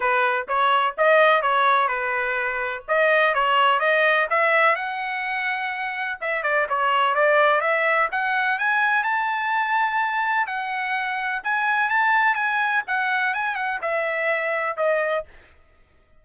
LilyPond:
\new Staff \with { instrumentName = "trumpet" } { \time 4/4 \tempo 4 = 126 b'4 cis''4 dis''4 cis''4 | b'2 dis''4 cis''4 | dis''4 e''4 fis''2~ | fis''4 e''8 d''8 cis''4 d''4 |
e''4 fis''4 gis''4 a''4~ | a''2 fis''2 | gis''4 a''4 gis''4 fis''4 | gis''8 fis''8 e''2 dis''4 | }